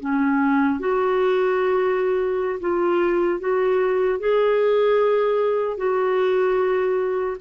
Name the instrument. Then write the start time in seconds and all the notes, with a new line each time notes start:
clarinet
0.00 C#4
0.80 F#4
2.60 F4
3.40 F#4
4.20 G#4
5.77 F#4